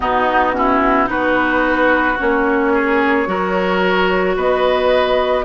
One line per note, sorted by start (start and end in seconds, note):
0.00 1.08 B2
0.00 0.53 B3
0.00 0.55 D#4
0.00 1.07 F#4
0.53 1.05 C#4
0.53 1.09 E4
1.05 2.17 B3
1.05 2.15 D#4
1.05 2.73 F#4
1.05 2.18 B4
2.19 3.27 A#3
2.19 3.26 C#4
2.19 4.37 C#5
2.73 3.27 G#4
3.26 4.36 F#3
3.26 5.44 F#4
3.26 4.36 A#4
4.36 5.45 B3
4.36 5.45 B4
4.36 5.45 D#5